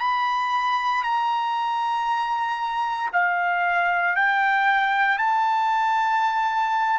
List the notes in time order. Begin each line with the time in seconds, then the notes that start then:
0.00 B5
1.04 A#5
3.13 F5
4.16 G5
5.18 A5